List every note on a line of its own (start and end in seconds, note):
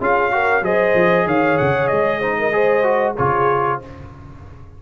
0.00 0.62 C#4
0.00 0.31 F4
0.00 0.32 G#4
0.00 0.64 F5
0.31 0.62 F#4
0.31 0.63 A#4
0.62 0.93 F#3
0.62 2.21 G#4
0.62 1.26 C5
0.62 1.27 D#5
0.94 1.26 F3
1.26 1.57 D#3
1.26 2.19 C#5
1.26 1.57 F5
1.57 1.91 C#3
1.57 1.87 F#5
1.87 3.17 G#3
1.87 3.14 D#5
2.19 2.52 D#4
2.19 2.35 C5
2.38 2.54 A#4
2.52 2.83 G#4
2.52 3.15 C5
2.83 3.14 F#4
3.15 3.82 C#3
3.15 3.81 F4
3.15 3.79 G#4
3.15 3.80 C#5